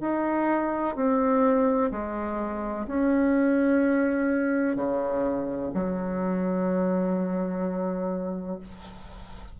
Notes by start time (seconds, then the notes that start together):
0.00 D#4
0.95 C4
1.91 G#3
2.87 C#4
4.76 C#3
5.74 F#3